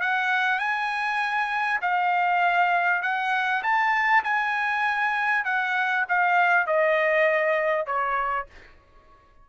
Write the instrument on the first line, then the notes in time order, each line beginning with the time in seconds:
trumpet
0.00 F#5
0.59 G#5
1.81 F5
3.02 F#5
3.63 A5
4.24 G#5
5.44 F#5
6.09 F5
6.66 D#5
7.86 C#5